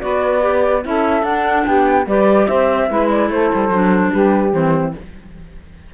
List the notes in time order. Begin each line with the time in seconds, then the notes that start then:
0.00 B3 F#4 B4 D5
0.41 G4
0.82 C#4 E4 A4 E5
1.22 D4 F#5
1.66 B3 G4 G5
2.06 G3 G4 B4 D5
2.47 C4 C5 E5
2.88 G#3 E4 B4
3.09 D5
3.30 A3 A4 C5
3.54 G3
3.68 F#3 D4
4.11 G3 G4 B4
4.53 E3 C4 C5